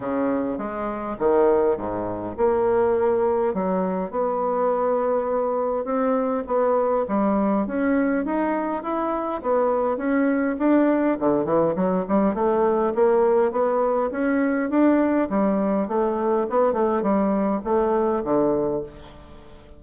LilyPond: \new Staff \with { instrumentName = "bassoon" } { \time 4/4 \tempo 4 = 102 cis4 gis4 dis4 gis,4 | ais2 fis4 b4~ | b2 c'4 b4 | g4 cis'4 dis'4 e'4 |
b4 cis'4 d'4 d8 e8 | fis8 g8 a4 ais4 b4 | cis'4 d'4 g4 a4 | b8 a8 g4 a4 d4 | }